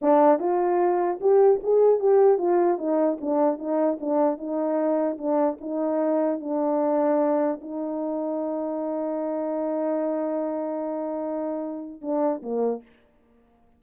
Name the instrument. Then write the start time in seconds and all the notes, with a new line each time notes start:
horn
0.01 D4
0.39 F4
1.20 G4
1.63 G#4
1.99 G4
2.38 F4
2.78 D#4
3.21 D4
3.58 D#4
4.00 D4
4.37 D#4
5.18 D4
5.60 D#4
6.40 D4
7.61 D#4
12.01 D4
12.42 A#3